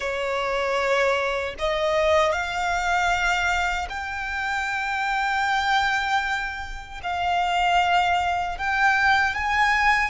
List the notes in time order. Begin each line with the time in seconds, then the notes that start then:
0.00 C#5
1.58 D#5
2.32 F5
3.89 G5
7.02 F5
8.58 G5
9.34 G#5